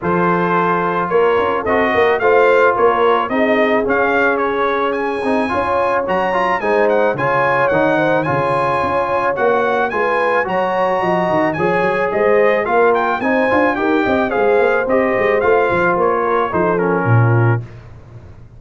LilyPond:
<<
  \new Staff \with { instrumentName = "trumpet" } { \time 4/4 \tempo 4 = 109 c''2 cis''4 dis''4 | f''4 cis''4 dis''4 f''4 | cis''4 gis''2 ais''4 | gis''8 fis''8 gis''4 fis''4 gis''4~ |
gis''4 fis''4 gis''4 ais''4~ | ais''4 gis''4 dis''4 f''8 g''8 | gis''4 g''4 f''4 dis''4 | f''4 cis''4 c''8 ais'4. | }
  \new Staff \with { instrumentName = "horn" } { \time 4/4 a'2 ais'4 a'8 ais'8 | c''4 ais'4 gis'2~ | gis'2 cis''2 | c''4 cis''4. c''8 cis''4~ |
cis''2 b'4 cis''4 | dis''4 cis''4 c''4 ais'4 | c''4 ais'8 dis''8 c''2~ | c''4. ais'8 a'4 f'4 | }
  \new Staff \with { instrumentName = "trombone" } { \time 4/4 f'2. fis'4 | f'2 dis'4 cis'4~ | cis'4. dis'8 f'4 fis'8 f'8 | dis'4 f'4 dis'4 f'4~ |
f'4 fis'4 f'4 fis'4~ | fis'4 gis'2 f'4 | dis'8 f'8 g'4 gis'4 g'4 | f'2 dis'8 cis'4. | }
  \new Staff \with { instrumentName = "tuba" } { \time 4/4 f2 ais8 cis'8 c'8 ais8 | a4 ais4 c'4 cis'4~ | cis'4. c'8 cis'4 fis4 | gis4 cis4 dis4 cis4 |
cis'4 ais4 gis4 fis4 | f8 dis8 f8 fis8 gis4 ais4 | c'8 d'8 dis'8 c'8 gis8 ais8 c'8 gis8 | a8 f8 ais4 f4 ais,4 | }
>>